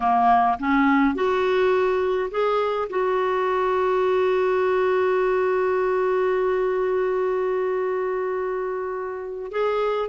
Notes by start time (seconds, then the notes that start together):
0.00 A#3
0.59 C#4
1.14 F#4
2.30 G#4
2.89 F#4
9.51 G#4